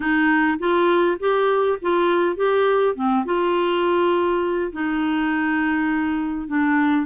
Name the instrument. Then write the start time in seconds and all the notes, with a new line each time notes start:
clarinet
0.00 D#4
0.58 F4
1.19 G4
1.81 F4
2.36 G4
2.95 C4
3.25 F4
4.72 D#4
6.47 D4